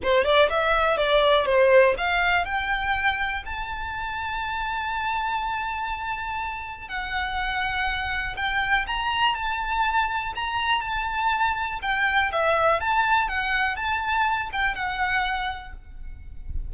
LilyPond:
\new Staff \with { instrumentName = "violin" } { \time 4/4 \tempo 4 = 122 c''8 d''8 e''4 d''4 c''4 | f''4 g''2 a''4~ | a''1~ | a''2 fis''2~ |
fis''4 g''4 ais''4 a''4~ | a''4 ais''4 a''2 | g''4 e''4 a''4 fis''4 | a''4. g''8 fis''2 | }